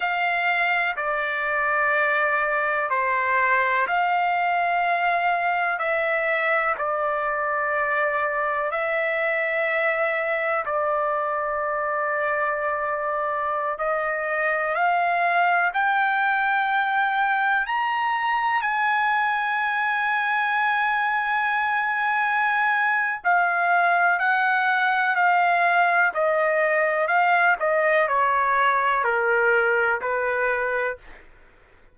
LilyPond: \new Staff \with { instrumentName = "trumpet" } { \time 4/4 \tempo 4 = 62 f''4 d''2 c''4 | f''2 e''4 d''4~ | d''4 e''2 d''4~ | d''2~ d''16 dis''4 f''8.~ |
f''16 g''2 ais''4 gis''8.~ | gis''1 | f''4 fis''4 f''4 dis''4 | f''8 dis''8 cis''4 ais'4 b'4 | }